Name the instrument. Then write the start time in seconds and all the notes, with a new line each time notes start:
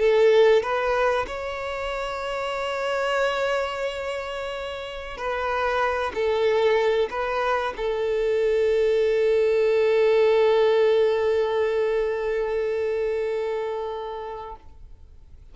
violin
0.00 A4
0.63 B4
1.27 C#5
5.18 B4
6.15 A4
7.11 B4
7.77 A4